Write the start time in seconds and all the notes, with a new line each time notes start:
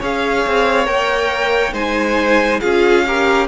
0.00 C#4 G#4 C#5 F5
0.47 C4
0.86 A#3 A#4 G5
1.73 G#3 D#4 C5 G#5
2.61 C#4 F4 G#4 F5
3.07 G4 A#4